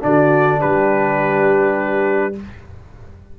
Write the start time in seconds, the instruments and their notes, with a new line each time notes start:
0.00 tuba D3, trombone D4, horn F#4, trumpet D5
0.60 tuba G3, horn G4, trumpet B4